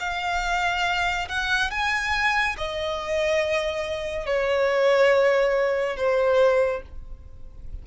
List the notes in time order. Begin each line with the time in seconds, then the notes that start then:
0.00 F5
1.29 F#5
1.71 G#5
2.58 D#5
4.27 C#5
5.97 C5